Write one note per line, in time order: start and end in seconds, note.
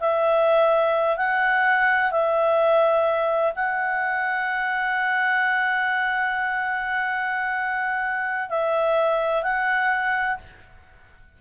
0.00 1.17 E5
1.17 2.11 F#5
2.11 3.53 E5
3.56 8.49 F#5
8.49 9.43 E5
9.43 10.37 F#5